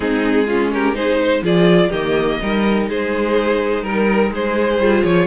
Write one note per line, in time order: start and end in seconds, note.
0.00 1.42 G#3
0.00 0.47 C4
0.00 0.47 D#4
0.00 0.72 G#4
0.47 0.94 C#4
0.47 0.71 F4
0.72 0.97 G4
0.72 0.95 A#4
0.94 1.42 D#4
0.94 1.21 G#4
0.94 1.43 C5
1.23 1.43 C5
1.42 1.90 F3
1.42 1.91 F4
1.42 1.89 G#4
1.42 1.91 D5
1.89 2.39 D#3
1.89 2.40 A#3
1.89 2.37 G4
1.89 2.87 D#5
2.40 2.89 G3
2.40 4.80 D#4
2.40 2.89 A#4
2.89 3.82 G#3
2.89 3.82 G#4
2.89 3.84 C5
3.82 4.30 G3
3.82 4.30 A#4
3.82 4.32 A#4
4.30 4.78 G#3
4.30 5.26 G#4
4.30 5.04 C5
4.78 5.02 G3
4.78 5.26 F4
5.04 5.26 F3
5.04 5.26 C#5